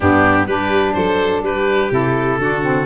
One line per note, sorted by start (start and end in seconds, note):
0.00 0.46 G2
0.00 0.48 B3
0.00 0.47 D4
0.00 0.46 G4
0.46 0.94 G3
0.46 1.91 D4
0.46 0.95 G4
0.46 0.93 B4
0.93 1.41 F#3
0.93 1.44 A4
0.93 1.41 C5
1.41 1.89 G3
1.41 2.40 G4
1.41 1.92 B4
1.91 2.38 C3
1.91 2.39 E4
1.91 2.86 A4
2.38 2.86 D3
2.38 2.62 D4
2.38 2.86 F#4
2.62 2.86 C4